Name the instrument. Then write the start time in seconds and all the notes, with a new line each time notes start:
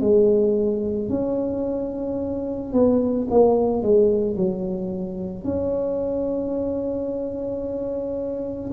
tuba
0.00 G#3
1.09 C#4
2.73 B3
3.30 A#3
3.82 G#3
4.36 F#3
5.43 C#4